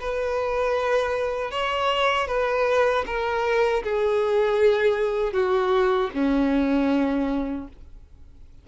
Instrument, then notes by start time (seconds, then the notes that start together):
violin
0.00 B4
1.51 C#5
2.27 B4
3.06 A#4
3.83 G#4
5.33 F#4
6.14 C#4